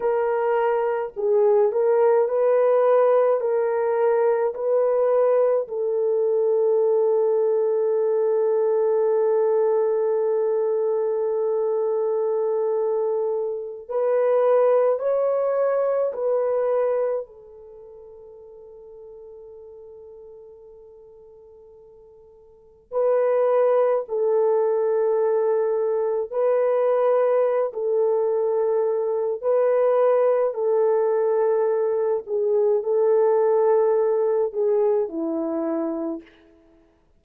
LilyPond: \new Staff \with { instrumentName = "horn" } { \time 4/4 \tempo 4 = 53 ais'4 gis'8 ais'8 b'4 ais'4 | b'4 a'2.~ | a'1~ | a'16 b'4 cis''4 b'4 a'8.~ |
a'1~ | a'16 b'4 a'2 b'8.~ | b'8 a'4. b'4 a'4~ | a'8 gis'8 a'4. gis'8 e'4 | }